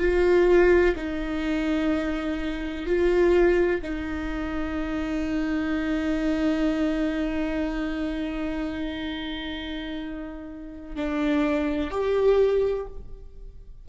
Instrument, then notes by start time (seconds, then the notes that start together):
viola
0.00 F4
0.96 D#4
2.86 F4
3.82 D#4
10.96 D4
11.91 G4